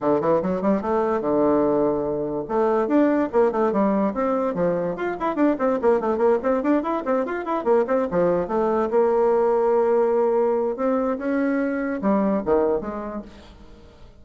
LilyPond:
\new Staff \with { instrumentName = "bassoon" } { \time 4/4 \tempo 4 = 145 d8 e8 fis8 g8 a4 d4~ | d2 a4 d'4 | ais8 a8 g4 c'4 f4 | f'8 e'8 d'8 c'8 ais8 a8 ais8 c'8 |
d'8 e'8 c'8 f'8 e'8 ais8 c'8 f8~ | f8 a4 ais2~ ais8~ | ais2 c'4 cis'4~ | cis'4 g4 dis4 gis4 | }